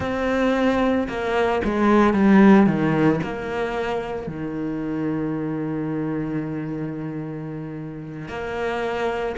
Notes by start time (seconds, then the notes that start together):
0.00 C4
1.08 A#3
1.64 G#3
2.13 G3
2.66 D#3
3.23 A#3
4.27 D#3
8.28 A#3